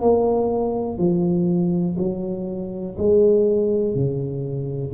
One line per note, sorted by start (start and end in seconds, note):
0.00 0.97 A#3
0.97 1.96 F3
1.98 2.96 F#3
2.98 3.94 G#3
3.94 4.93 C#3